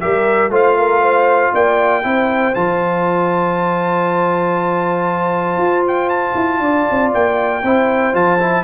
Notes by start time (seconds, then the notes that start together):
0.00 G3 G4 A#4 E5
0.49 A3 F4 C5 F5
0.77 A#4
1.01 C5
1.53 A#3 D5 G5
2.03 C4 E4 C5
2.54 F3 F4 A5
5.57 F4
5.87 G5
6.09 A5
6.35 E4
6.60 D4 D5
6.91 C4
7.14 A#3 G5
7.62 C4 E4 C5
8.13 F3 F4 A5
8.39 E4